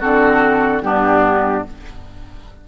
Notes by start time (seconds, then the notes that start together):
0.00 D3 C4 F#4 A4
0.82 G2 B3 D4 G4